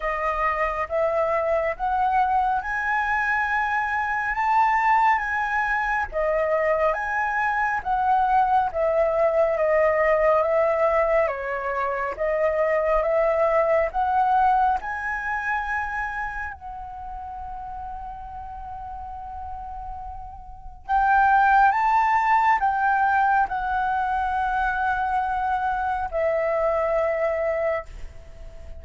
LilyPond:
\new Staff \with { instrumentName = "flute" } { \time 4/4 \tempo 4 = 69 dis''4 e''4 fis''4 gis''4~ | gis''4 a''4 gis''4 dis''4 | gis''4 fis''4 e''4 dis''4 | e''4 cis''4 dis''4 e''4 |
fis''4 gis''2 fis''4~ | fis''1 | g''4 a''4 g''4 fis''4~ | fis''2 e''2 | }